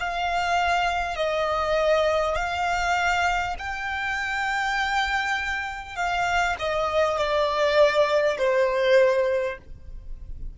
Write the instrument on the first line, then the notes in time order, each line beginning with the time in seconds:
violin
0.00 F5
1.16 D#5
2.36 F5
3.59 G5
5.96 F5
6.59 D#5
7.18 D5
8.38 C5